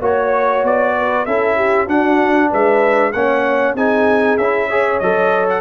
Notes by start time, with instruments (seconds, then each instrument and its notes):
0.00 tuba A#3, trombone F#4, horn C#5, trumpet C#5
0.63 tuba B3, trumpet D5
0.96 horn B4
1.25 tuba C#4, trombone E4, horn A4, trumpet E5
1.56 horn G4
1.86 tuba D4, trombone D4, horn F#4, trumpet F#5
2.50 tuba G#3, horn B4, trumpet E5
3.12 tuba A#3, trombone C#4, horn C#5, trumpet F#5
3.74 tuba C4, trombone D#4, horn G#4, trumpet G#5
4.38 tuba C#4, trombone E4, trumpet E5
4.68 trombone G#4, horn C#5
4.99 tuba F#3, trombone A4, trumpet D#5
5.50 trumpet F#5